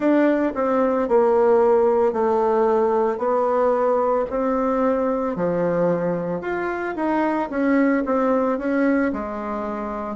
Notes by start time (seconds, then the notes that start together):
0.00 D4
0.55 C4
1.08 A#3
2.12 A3
3.18 B3
4.30 C4
5.36 F3
6.41 F4
6.95 D#4
7.50 C#4
8.05 C4
8.58 C#4
9.13 G#3